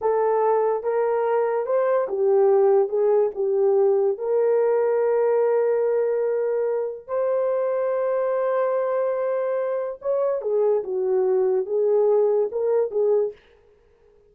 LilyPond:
\new Staff \with { instrumentName = "horn" } { \time 4/4 \tempo 4 = 144 a'2 ais'2 | c''4 g'2 gis'4 | g'2 ais'2~ | ais'1~ |
ais'4 c''2.~ | c''1 | cis''4 gis'4 fis'2 | gis'2 ais'4 gis'4 | }